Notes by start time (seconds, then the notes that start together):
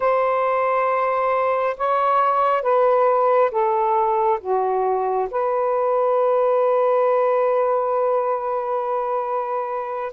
0.00 C5
1.77 C#5
2.62 B4
3.51 A4
4.40 F#4
5.30 B4